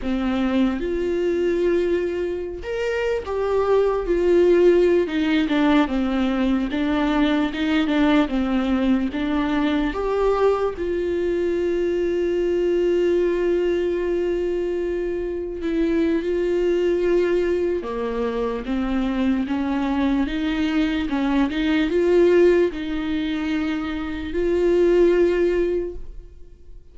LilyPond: \new Staff \with { instrumentName = "viola" } { \time 4/4 \tempo 4 = 74 c'4 f'2~ f'16 ais'8. | g'4 f'4~ f'16 dis'8 d'8 c'8.~ | c'16 d'4 dis'8 d'8 c'4 d'8.~ | d'16 g'4 f'2~ f'8.~ |
f'2.~ f'16 e'8. | f'2 ais4 c'4 | cis'4 dis'4 cis'8 dis'8 f'4 | dis'2 f'2 | }